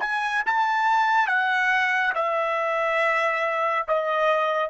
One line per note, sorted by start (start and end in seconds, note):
0.00 0.43 G#5
0.46 1.27 A5
1.27 2.13 F#5
2.14 3.86 E5
3.87 4.70 D#5